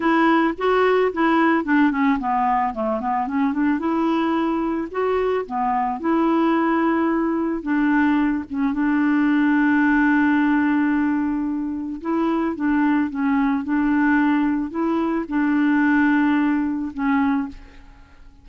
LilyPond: \new Staff \with { instrumentName = "clarinet" } { \time 4/4 \tempo 4 = 110 e'4 fis'4 e'4 d'8 cis'8 | b4 a8 b8 cis'8 d'8 e'4~ | e'4 fis'4 b4 e'4~ | e'2 d'4. cis'8 |
d'1~ | d'2 e'4 d'4 | cis'4 d'2 e'4 | d'2. cis'4 | }